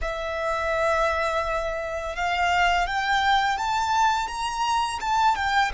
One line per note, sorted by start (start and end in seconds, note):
0.01 2.15 E5
2.15 2.86 F5
2.86 3.57 G5
3.57 4.27 A5
4.27 4.99 A#5
5.00 5.35 A5
5.35 5.71 G5